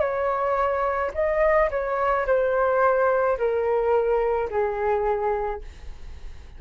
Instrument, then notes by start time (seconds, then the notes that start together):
flute
0.00 C#5
1.14 D#5
1.71 C#5
2.27 C5
3.38 A#4
4.50 G#4